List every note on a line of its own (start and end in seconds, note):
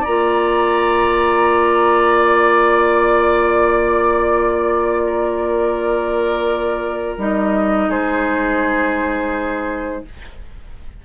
0.00 7.17 A#3
0.00 5.00 D5
0.00 2.16 A#5
0.07 7.18 F4
2.16 7.16 D5
5.06 7.89 A#4
7.17 7.88 G3
7.17 10.04 D#4
7.17 7.90 D#5
7.89 10.03 G#3
7.89 10.03 G#4
7.89 10.05 C5